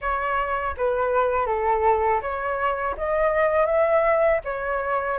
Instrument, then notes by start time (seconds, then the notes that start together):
flute
0.01 C#5
0.77 B4
1.46 A4
2.21 C#5
2.97 D#5
3.66 E5
4.44 C#5